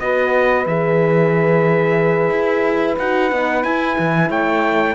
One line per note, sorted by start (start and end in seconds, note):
0.00 0.66 B3
0.00 0.67 F#4
0.00 4.29 B4
0.00 0.66 D#5
0.66 2.30 E3
0.66 2.99 G#4
0.66 2.98 E5
2.30 2.96 E4
2.98 3.32 D#4
2.98 3.30 F#4
2.98 3.63 F#5
3.30 3.64 B3
3.30 3.63 D#4
3.63 3.97 E4
3.63 4.95 E4
3.63 4.29 G#5
3.99 4.30 E3
4.29 4.95 A3
4.29 4.95 C#5
4.29 4.95 G5